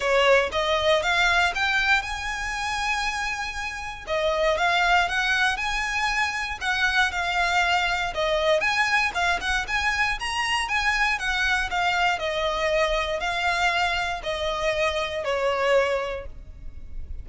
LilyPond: \new Staff \with { instrumentName = "violin" } { \time 4/4 \tempo 4 = 118 cis''4 dis''4 f''4 g''4 | gis''1 | dis''4 f''4 fis''4 gis''4~ | gis''4 fis''4 f''2 |
dis''4 gis''4 f''8 fis''8 gis''4 | ais''4 gis''4 fis''4 f''4 | dis''2 f''2 | dis''2 cis''2 | }